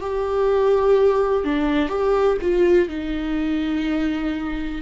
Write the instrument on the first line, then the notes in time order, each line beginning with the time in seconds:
viola
0.00 G4
1.44 D4
1.89 G4
2.41 F4
2.89 D#4